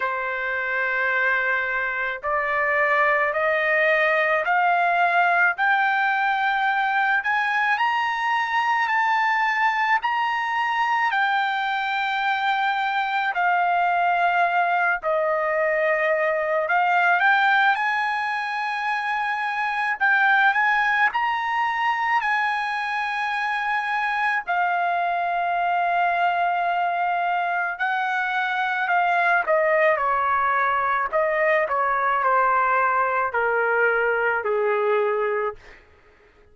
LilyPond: \new Staff \with { instrumentName = "trumpet" } { \time 4/4 \tempo 4 = 54 c''2 d''4 dis''4 | f''4 g''4. gis''8 ais''4 | a''4 ais''4 g''2 | f''4. dis''4. f''8 g''8 |
gis''2 g''8 gis''8 ais''4 | gis''2 f''2~ | f''4 fis''4 f''8 dis''8 cis''4 | dis''8 cis''8 c''4 ais'4 gis'4 | }